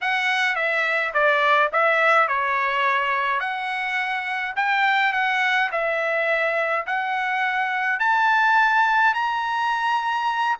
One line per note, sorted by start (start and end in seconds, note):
0.01 0.55 F#5
0.55 1.12 E5
1.13 1.70 D5
1.72 2.28 E5
2.28 3.40 C#5
3.40 4.54 F#5
4.56 5.12 G5
5.12 5.69 F#5
5.71 6.85 E5
6.86 7.99 F#5
7.99 9.14 A5
9.14 10.57 A#5